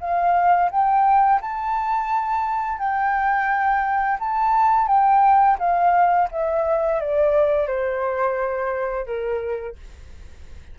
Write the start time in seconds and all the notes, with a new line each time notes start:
0.00 F5
0.70 G5
1.41 A5
2.78 G5
4.19 A5
4.87 G5
5.58 F5
6.31 E5
7.00 D5
7.67 C5
9.06 A#4